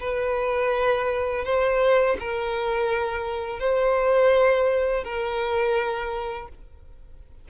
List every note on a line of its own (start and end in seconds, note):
0.00 1.45 B4
1.45 2.17 C5
2.19 3.59 A#4
3.59 5.04 C5
5.04 6.49 A#4